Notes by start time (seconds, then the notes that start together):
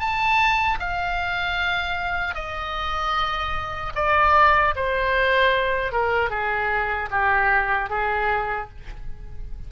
0.00 A5
0.80 F5
2.35 D#5
3.96 D5
4.76 C5
5.92 A#4
6.31 G#4
7.11 G4
7.90 G#4